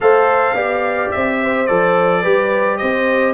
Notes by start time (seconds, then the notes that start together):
0.00 A3 A4 C5 F5
0.53 B3 G4 D5
1.11 C4 E5
1.42 C5
1.66 F3 A4 D5
2.21 G3 G4 B4
2.77 C4 C5 D#5